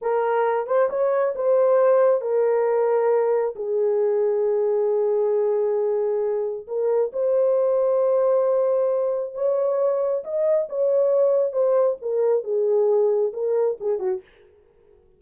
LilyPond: \new Staff \with { instrumentName = "horn" } { \time 4/4 \tempo 4 = 135 ais'4. c''8 cis''4 c''4~ | c''4 ais'2. | gis'1~ | gis'2. ais'4 |
c''1~ | c''4 cis''2 dis''4 | cis''2 c''4 ais'4 | gis'2 ais'4 gis'8 fis'8 | }